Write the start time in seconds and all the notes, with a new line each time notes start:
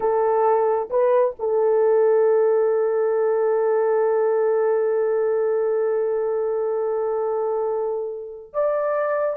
0.00 A4
0.90 B4
1.39 A4
8.53 D5